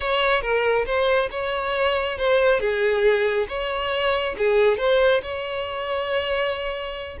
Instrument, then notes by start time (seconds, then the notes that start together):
violin
0.00 C#5
0.41 A#4
0.85 C5
1.30 C#5
2.18 C5
2.60 G#4
3.48 C#5
4.37 G#4
4.77 C5
5.22 C#5